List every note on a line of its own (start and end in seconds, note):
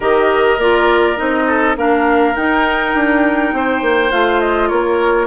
0.00 0.57 D#3
0.00 0.59 G4
0.00 1.44 A#4
0.00 0.59 D#5
0.57 1.16 A#3
0.57 1.16 F4
0.57 1.17 D5
1.16 1.76 C4
1.16 1.75 D#4
1.16 1.76 D#5
1.47 1.76 A4
1.76 2.35 A#3
1.76 2.35 D4
1.76 3.54 A#4
1.76 2.35 F5
2.35 2.94 D#4
2.35 4.10 D#4
2.35 4.11 G5
2.94 3.53 D4
3.53 3.81 C4
3.53 4.69 C5
3.81 4.10 A#3
4.10 4.71 A3
4.10 5.27 F4
4.10 4.40 F5
4.40 4.68 D#5
4.68 5.27 A#3
4.68 5.27 A#4
4.68 5.27 C#5